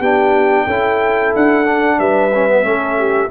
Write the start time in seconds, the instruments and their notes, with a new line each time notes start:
0.00 tuba B3, trombone D4, horn G4, trumpet G5
0.67 tuba C#4, trombone E4, horn A4
1.36 tuba D4, trumpet F#5
1.65 trombone D4
1.99 tuba G3, horn B4, trumpet E5
2.35 trombone C#4
2.49 trombone B3
2.63 tuba A3, trombone C#4, horn A4
2.98 horn G4